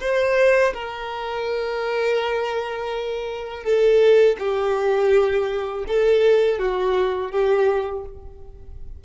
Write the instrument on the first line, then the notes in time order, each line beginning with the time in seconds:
violin
0.00 C5
0.73 A#4
3.64 A4
4.38 G4
5.87 A4
6.59 F#4
7.31 G4